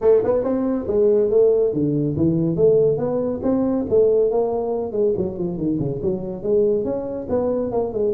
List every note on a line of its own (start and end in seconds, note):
0.01 0.22 A3
0.24 0.43 B3
0.43 0.86 C4
0.87 1.30 G#3
1.30 1.73 A3
1.73 2.16 D3
2.16 2.56 E3
2.56 2.97 A3
2.97 3.40 B3
3.42 3.85 C4
3.89 4.31 A3
4.31 4.92 A#3
4.92 5.13 G#3
5.16 5.37 F#3
5.37 5.57 F3
5.57 5.78 D#3
5.79 6.00 C#3
6.02 6.42 F#3
6.42 6.84 G#3
6.84 7.27 C#4
7.29 7.71 B3
7.71 7.92 A#3
7.92 8.14 G#3